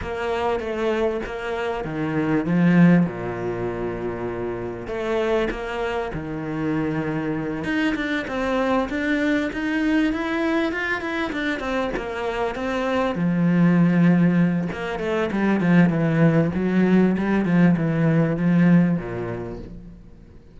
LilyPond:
\new Staff \with { instrumentName = "cello" } { \time 4/4 \tempo 4 = 98 ais4 a4 ais4 dis4 | f4 ais,2. | a4 ais4 dis2~ | dis8 dis'8 d'8 c'4 d'4 dis'8~ |
dis'8 e'4 f'8 e'8 d'8 c'8 ais8~ | ais8 c'4 f2~ f8 | ais8 a8 g8 f8 e4 fis4 | g8 f8 e4 f4 ais,4 | }